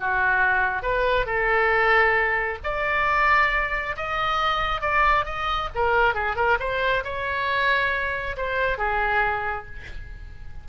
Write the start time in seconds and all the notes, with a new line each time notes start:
0.00 F#4
0.83 B4
1.26 A4
2.64 D5
3.96 D#5
4.81 D5
5.25 D#5
5.75 A#4
6.14 G#4
6.36 A#4
6.59 C5
7.04 C#5
8.37 C5
8.78 G#4